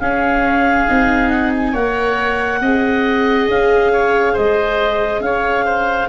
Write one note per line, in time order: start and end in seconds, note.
0.00 0.88 C#4
0.00 1.72 G#4
0.00 1.29 F5
0.88 1.74 C4
0.88 1.75 D#4
1.29 1.51 F#5
1.56 1.75 G#5
1.72 2.61 A#3
1.72 2.63 A#4
1.72 2.59 C#5
1.72 3.49 F#5
2.61 3.47 C4
2.61 6.09 G#4
2.61 3.92 D#5
3.48 4.35 C#4
3.48 4.37 F5
3.92 4.33 C#5
4.33 5.20 G#3
4.33 5.20 C5
4.33 5.22 D#5
5.20 6.07 C#4
5.20 5.65 C#5
5.20 6.09 F5
5.65 6.09 C5